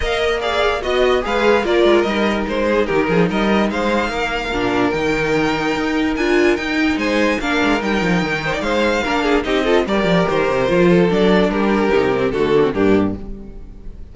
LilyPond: <<
  \new Staff \with { instrumentName = "violin" } { \time 4/4 \tempo 4 = 146 f''8 dis''8 f''4 dis''4 f''4 | d''4 dis''4 c''4 ais'4 | dis''4 f''2. | g''2. gis''4 |
g''4 gis''4 f''4 g''4~ | g''4 f''2 dis''4 | d''4 c''2 d''4 | ais'2 a'4 g'4 | }
  \new Staff \with { instrumentName = "violin" } { \time 4/4 dis''4 d''4 dis''4 b'4 | ais'2~ ais'8 gis'8 g'8 gis'8 | ais'4 c''4 ais'2~ | ais'1~ |
ais'4 c''4 ais'2~ | ais'8 c''16 d''16 c''4 ais'8 gis'8 g'8 a'8 | ais'2~ ais'8 a'4. | g'2 fis'4 d'4 | }
  \new Staff \with { instrumentName = "viola" } { \time 4/4 ais'4 gis'4 fis'4 gis'4 | f'4 dis'2.~ | dis'2. d'4 | dis'2. f'4 |
dis'2 d'4 dis'4~ | dis'2 d'4 dis'8 f'8 | g'2 f'4 d'4~ | d'4 dis'8 c'8 a8 ais16 c'16 ais4 | }
  \new Staff \with { instrumentName = "cello" } { \time 4/4 ais2 b4 gis4 | ais8 gis8 g4 gis4 dis8 f8 | g4 gis4 ais4 ais,4 | dis2 dis'4 d'4 |
dis'4 gis4 ais8 gis8 g8 f8 | dis4 gis4 ais4 c'4 | g8 f8 dis8 c8 f4 fis4 | g4 c4 d4 g,4 | }
>>